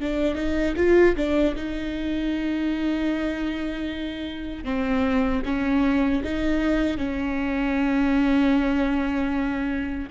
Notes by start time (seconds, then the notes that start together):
0.00 D4
0.35 D#4
0.77 F4
1.16 D4
1.55 D#4
4.64 C4
5.45 C#4
6.24 D#4
6.97 C#4